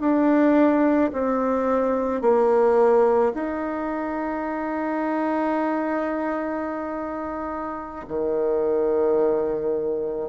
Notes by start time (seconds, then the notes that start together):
0.00 D4
1.13 C4
2.21 A#3
3.34 D#4
8.08 D#3